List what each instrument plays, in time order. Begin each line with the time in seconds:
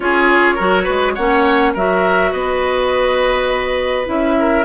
0.00 bassoon C#4, clarinet F4, oboe G#4, flute C#5
0.54 bassoon F#3, clarinet F#4, oboe A#4
0.83 bassoon G#3, oboe B4
1.14 bassoon A#3, clarinet C#4, oboe C#5, flute F#5
1.73 bassoon F#3, clarinet F#4, oboe A#4, flute E5
2.31 bassoon B3, oboe B4, flute D#5
4.05 bassoon C#4, clarinet E4, flute E5
4.39 oboe A#4